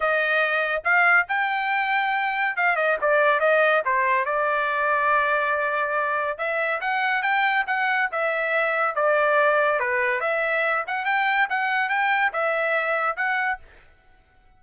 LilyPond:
\new Staff \with { instrumentName = "trumpet" } { \time 4/4 \tempo 4 = 141 dis''2 f''4 g''4~ | g''2 f''8 dis''8 d''4 | dis''4 c''4 d''2~ | d''2. e''4 |
fis''4 g''4 fis''4 e''4~ | e''4 d''2 b'4 | e''4. fis''8 g''4 fis''4 | g''4 e''2 fis''4 | }